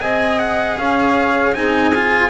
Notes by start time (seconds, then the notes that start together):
0.00 C4 G#4 D#5 G#5
0.39 F#5
0.78 C#4 C#5 F5
1.54 C4 D#4 G#4 G#5
1.95 F4